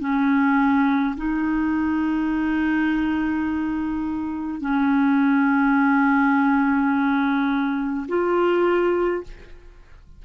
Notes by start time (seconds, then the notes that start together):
0.00 C#4
1.16 D#4
4.60 C#4
8.08 F4